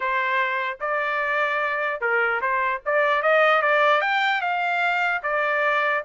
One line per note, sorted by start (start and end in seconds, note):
0.00 0.78 C5
0.80 2.00 D5
2.00 2.41 A#4
2.41 2.81 C5
2.85 3.22 D5
3.22 3.62 D#5
3.62 4.01 D5
4.01 4.41 G5
4.41 5.21 F5
5.22 6.03 D5